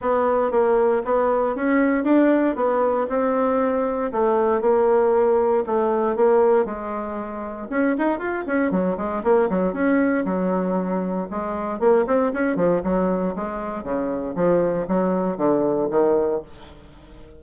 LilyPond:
\new Staff \with { instrumentName = "bassoon" } { \time 4/4 \tempo 4 = 117 b4 ais4 b4 cis'4 | d'4 b4 c'2 | a4 ais2 a4 | ais4 gis2 cis'8 dis'8 |
f'8 cis'8 fis8 gis8 ais8 fis8 cis'4 | fis2 gis4 ais8 c'8 | cis'8 f8 fis4 gis4 cis4 | f4 fis4 d4 dis4 | }